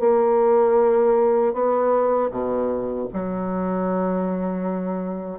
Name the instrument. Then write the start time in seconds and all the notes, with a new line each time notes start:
bassoon
0.00 A#3
1.53 B3
2.31 B2
3.13 F#3